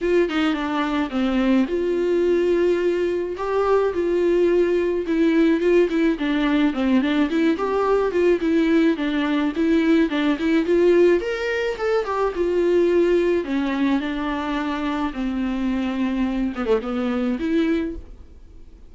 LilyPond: \new Staff \with { instrumentName = "viola" } { \time 4/4 \tempo 4 = 107 f'8 dis'8 d'4 c'4 f'4~ | f'2 g'4 f'4~ | f'4 e'4 f'8 e'8 d'4 | c'8 d'8 e'8 g'4 f'8 e'4 |
d'4 e'4 d'8 e'8 f'4 | ais'4 a'8 g'8 f'2 | cis'4 d'2 c'4~ | c'4. b16 a16 b4 e'4 | }